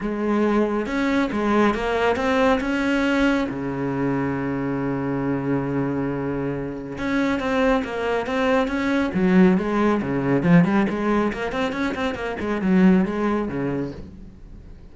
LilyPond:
\new Staff \with { instrumentName = "cello" } { \time 4/4 \tempo 4 = 138 gis2 cis'4 gis4 | ais4 c'4 cis'2 | cis1~ | cis1 |
cis'4 c'4 ais4 c'4 | cis'4 fis4 gis4 cis4 | f8 g8 gis4 ais8 c'8 cis'8 c'8 | ais8 gis8 fis4 gis4 cis4 | }